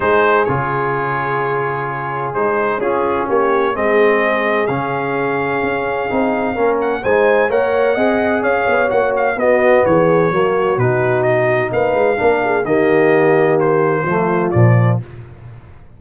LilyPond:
<<
  \new Staff \with { instrumentName = "trumpet" } { \time 4/4 \tempo 4 = 128 c''4 cis''2.~ | cis''4 c''4 gis'4 cis''4 | dis''2 f''2~ | f''2~ f''8 fis''8 gis''4 |
fis''2 f''4 fis''8 f''8 | dis''4 cis''2 b'4 | dis''4 f''2 dis''4~ | dis''4 c''2 d''4 | }
  \new Staff \with { instrumentName = "horn" } { \time 4/4 gis'1~ | gis'2 f'4 g'4 | gis'1~ | gis'2 ais'4 c''4 |
cis''4 dis''4 cis''2 | fis'4 gis'4 fis'2~ | fis'4 b'4 ais'8 gis'8 g'4~ | g'2 f'2 | }
  \new Staff \with { instrumentName = "trombone" } { \time 4/4 dis'4 f'2.~ | f'4 dis'4 cis'2 | c'2 cis'2~ | cis'4 dis'4 cis'4 dis'4 |
ais'4 gis'2 fis'4 | b2 ais4 dis'4~ | dis'2 d'4 ais4~ | ais2 a4 f4 | }
  \new Staff \with { instrumentName = "tuba" } { \time 4/4 gis4 cis2.~ | cis4 gis4 cis'4 ais4 | gis2 cis2 | cis'4 c'4 ais4 gis4 |
ais4 c'4 cis'8 b8 ais4 | b4 e4 fis4 b,4~ | b,4 ais8 gis8 ais4 dis4~ | dis2 f4 ais,4 | }
>>